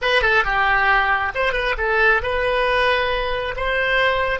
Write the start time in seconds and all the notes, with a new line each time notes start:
0.01 B4
0.21 A4
0.44 G4
1.34 C5
1.52 B4
1.77 A4
2.22 B4
3.56 C5